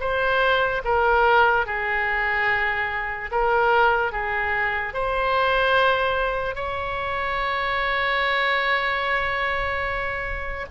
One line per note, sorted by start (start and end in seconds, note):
0.00 0.82 C5
0.85 1.66 A#4
1.66 3.31 G#4
3.32 4.12 A#4
4.12 4.94 G#4
4.94 6.55 C5
6.55 10.66 C#5